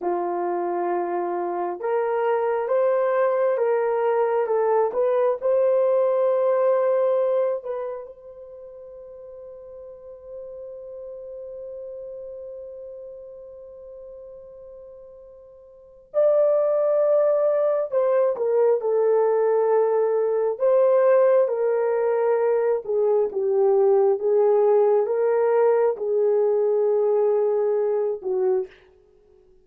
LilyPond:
\new Staff \with { instrumentName = "horn" } { \time 4/4 \tempo 4 = 67 f'2 ais'4 c''4 | ais'4 a'8 b'8 c''2~ | c''8 b'8 c''2.~ | c''1~ |
c''2 d''2 | c''8 ais'8 a'2 c''4 | ais'4. gis'8 g'4 gis'4 | ais'4 gis'2~ gis'8 fis'8 | }